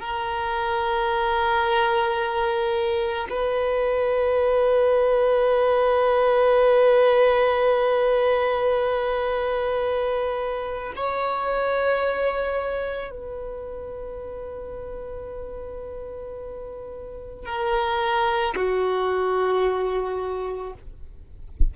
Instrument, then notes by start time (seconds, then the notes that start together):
violin
0.00 A#4
3.30 B4
10.96 C#5
13.11 B4
17.45 A#4
18.55 F#4